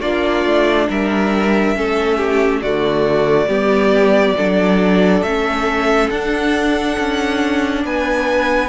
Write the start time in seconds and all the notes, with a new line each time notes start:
0.00 A#3 D4 F4 D5
0.45 A3
0.89 G3 A#4 E5
1.75 A3 C#4 A4
2.16 G4
2.62 D3 A3 F#4 D5
3.47 G3 B3 G4
4.36 F#3 D4 A4
5.22 A3 C#4 E5
6.10 D4 F#5
6.99 C#4
7.84 B3 B4 G#5